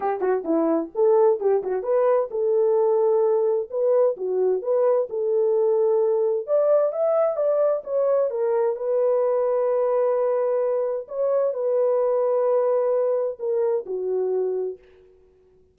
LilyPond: \new Staff \with { instrumentName = "horn" } { \time 4/4 \tempo 4 = 130 g'8 fis'8 e'4 a'4 g'8 fis'8 | b'4 a'2. | b'4 fis'4 b'4 a'4~ | a'2 d''4 e''4 |
d''4 cis''4 ais'4 b'4~ | b'1 | cis''4 b'2.~ | b'4 ais'4 fis'2 | }